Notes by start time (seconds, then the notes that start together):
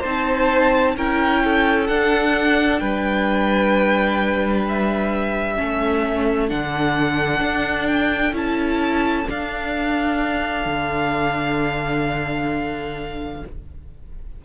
0.00 C4 D#4 C5 A5
0.96 C#4 E4 A#4 G5
1.44 A4
1.87 D4 F#5
2.79 G3 B4 G5
4.68 E5
5.56 A3 C#4 A4
6.48 D3 D4 F#5
7.40 D4
7.87 G5
8.32 C#4 E4 A5
9.26 D4 F5
10.65 D3